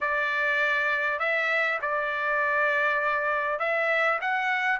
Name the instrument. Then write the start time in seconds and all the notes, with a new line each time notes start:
trumpet
0.00 D5
1.19 E5
1.81 D5
3.59 E5
4.21 F#5